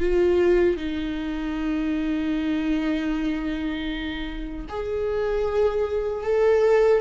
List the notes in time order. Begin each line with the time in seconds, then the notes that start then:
0.00 F4
0.77 D#4
4.69 G#4
6.23 A4